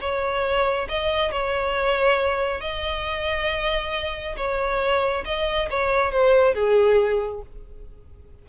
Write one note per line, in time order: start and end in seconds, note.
0.00 0.88 C#5
0.89 1.31 D#5
1.31 2.60 C#5
2.60 4.36 D#5
4.36 5.24 C#5
5.25 5.69 D#5
5.70 6.12 C#5
6.12 6.54 C5
6.54 7.42 G#4